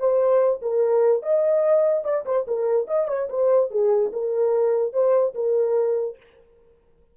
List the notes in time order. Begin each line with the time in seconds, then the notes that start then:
0.00 C5
0.62 A#4
1.23 D#5
2.05 D5
2.26 C5
2.48 A#4
2.88 D#5
3.09 C#5
3.30 C5
3.71 G#4
4.13 A#4
4.94 C5
5.35 A#4